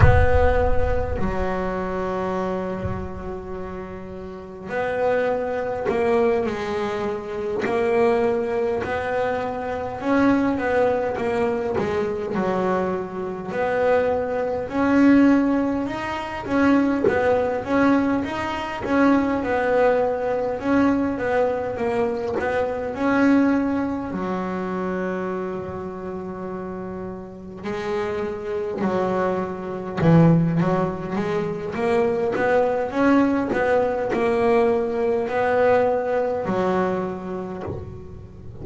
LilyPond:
\new Staff \with { instrumentName = "double bass" } { \time 4/4 \tempo 4 = 51 b4 fis2. | b4 ais8 gis4 ais4 b8~ | b8 cis'8 b8 ais8 gis8 fis4 b8~ | b8 cis'4 dis'8 cis'8 b8 cis'8 dis'8 |
cis'8 b4 cis'8 b8 ais8 b8 cis'8~ | cis'8 fis2. gis8~ | gis8 fis4 e8 fis8 gis8 ais8 b8 | cis'8 b8 ais4 b4 fis4 | }